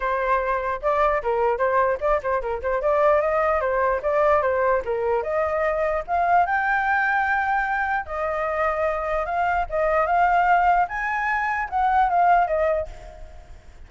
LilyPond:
\new Staff \with { instrumentName = "flute" } { \time 4/4 \tempo 4 = 149 c''2 d''4 ais'4 | c''4 d''8 c''8 ais'8 c''8 d''4 | dis''4 c''4 d''4 c''4 | ais'4 dis''2 f''4 |
g''1 | dis''2. f''4 | dis''4 f''2 gis''4~ | gis''4 fis''4 f''4 dis''4 | }